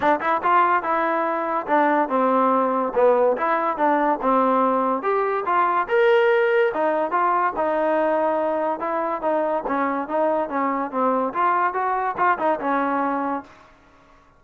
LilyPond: \new Staff \with { instrumentName = "trombone" } { \time 4/4 \tempo 4 = 143 d'8 e'8 f'4 e'2 | d'4 c'2 b4 | e'4 d'4 c'2 | g'4 f'4 ais'2 |
dis'4 f'4 dis'2~ | dis'4 e'4 dis'4 cis'4 | dis'4 cis'4 c'4 f'4 | fis'4 f'8 dis'8 cis'2 | }